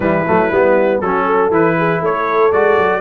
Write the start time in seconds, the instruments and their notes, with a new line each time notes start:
0.00 tuba E3, trombone G3, horn E4, trumpet B4
0.26 tuba F#3, trombone A3
0.51 tuba G3, trombone B3
1.01 tuba F#3, trombone C#4, horn F#4, trumpet A4
1.25 horn A4
1.50 tuba E3, trombone E4, trumpet B4
1.77 horn G#4
2.01 tuba A3, horn A4, trumpet C#5
2.52 tuba G#3, trombone F#4, trumpet D5
2.78 tuba F#3